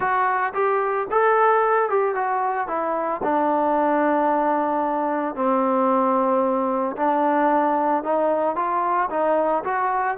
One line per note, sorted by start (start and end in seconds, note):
0.00 0.53 F#4
0.53 1.07 G4
1.10 1.89 A4
1.89 2.14 G4
2.14 2.67 F#4
2.67 3.21 E4
3.23 5.35 D4
5.35 6.95 C4
6.96 8.03 D4
8.03 8.55 D#4
8.55 9.09 F4
9.10 9.63 D#4
9.64 10.17 F#4